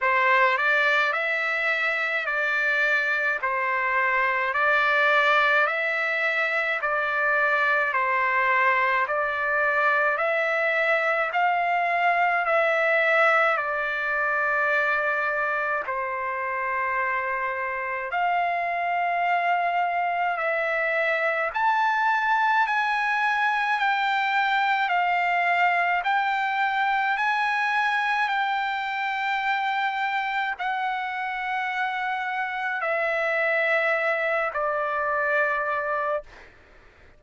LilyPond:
\new Staff \with { instrumentName = "trumpet" } { \time 4/4 \tempo 4 = 53 c''8 d''8 e''4 d''4 c''4 | d''4 e''4 d''4 c''4 | d''4 e''4 f''4 e''4 | d''2 c''2 |
f''2 e''4 a''4 | gis''4 g''4 f''4 g''4 | gis''4 g''2 fis''4~ | fis''4 e''4. d''4. | }